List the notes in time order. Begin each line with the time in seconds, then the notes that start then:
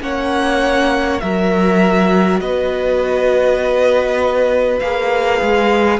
0.00 A#3 C#4 C#5 F#5
1.20 F#3 F#4 A#4 E5
2.40 B3 B4 D#5
4.79 A#3 G#4 F5
5.42 G#3